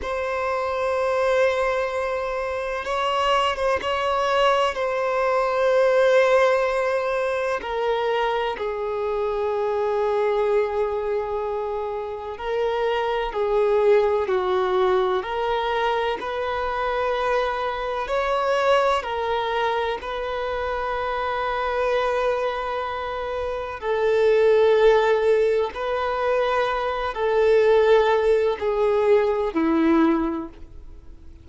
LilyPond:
\new Staff \with { instrumentName = "violin" } { \time 4/4 \tempo 4 = 63 c''2. cis''8. c''16 | cis''4 c''2. | ais'4 gis'2.~ | gis'4 ais'4 gis'4 fis'4 |
ais'4 b'2 cis''4 | ais'4 b'2.~ | b'4 a'2 b'4~ | b'8 a'4. gis'4 e'4 | }